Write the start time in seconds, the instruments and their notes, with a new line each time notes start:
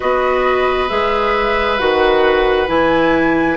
0.00 bassoon B3, clarinet F#4, oboe B4, flute D#5
0.88 bassoon G#3, clarinet G#4, flute E5
1.78 bassoon D#3, clarinet F#4, flute F#5
2.67 bassoon E3, clarinet E4, flute G#5